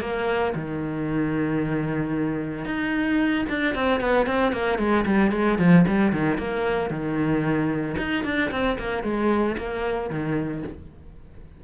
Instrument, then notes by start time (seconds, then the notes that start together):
cello
0.00 A#3
0.55 D#3
2.65 D#4
3.49 D4
3.74 C4
4.00 B3
4.26 C4
4.52 A#3
4.78 G#3
5.05 G3
5.31 G#3
5.58 F3
5.87 G3
6.12 D#3
6.37 A#3
6.90 D#3
7.97 D#4
8.24 D4
8.51 C4
8.79 A#3
9.03 G#3
9.57 A#3
10.10 D#3